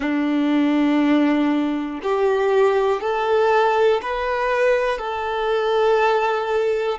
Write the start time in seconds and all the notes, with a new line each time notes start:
0.00 D4
2.03 G4
3.00 A4
4.02 B4
4.98 A4